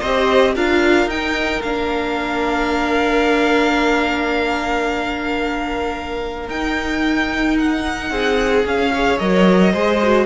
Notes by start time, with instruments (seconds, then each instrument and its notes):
0.00 cello C4, viola G4, violin C5 D#5
0.55 cello D4, viola F4, violin A#4 F5
1.07 cello D#4, viola D#4, violin G5
1.62 cello A#3, viola D4, violin F5
6.48 cello D#4, viola D#4, violin G5
7.58 violin F#5
8.11 cello C4, violin G#4
8.64 cello C#4, viola G#4, violin F5
8.79 viola C#4
8.93 viola G#4, violin C#5
9.19 cello F#3, viola A#4, violin D#5
9.73 cello G#3, viola G#4, violin C5
10.03 viola F#4